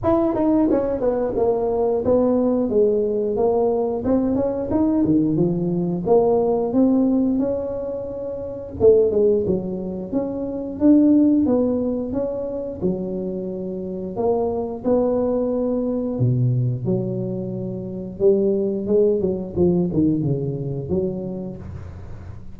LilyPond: \new Staff \with { instrumentName = "tuba" } { \time 4/4 \tempo 4 = 89 e'8 dis'8 cis'8 b8 ais4 b4 | gis4 ais4 c'8 cis'8 dis'8 dis8 | f4 ais4 c'4 cis'4~ | cis'4 a8 gis8 fis4 cis'4 |
d'4 b4 cis'4 fis4~ | fis4 ais4 b2 | b,4 fis2 g4 | gis8 fis8 f8 dis8 cis4 fis4 | }